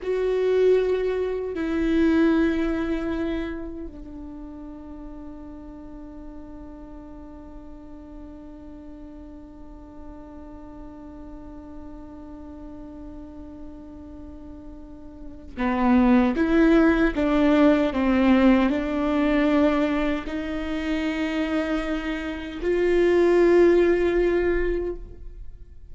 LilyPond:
\new Staff \with { instrumentName = "viola" } { \time 4/4 \tempo 4 = 77 fis'2 e'2~ | e'4 d'2.~ | d'1~ | d'1~ |
d'1 | b4 e'4 d'4 c'4 | d'2 dis'2~ | dis'4 f'2. | }